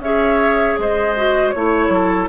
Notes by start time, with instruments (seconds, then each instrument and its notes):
0.00 bassoon C#4, clarinet G#4, oboe C#5, flute E5
0.79 bassoon G#3, oboe C5, flute D#5
1.17 clarinet F#4
1.51 bassoon A3, clarinet E4, flute C#5, oboe C#5
1.89 bassoon F#3, oboe A4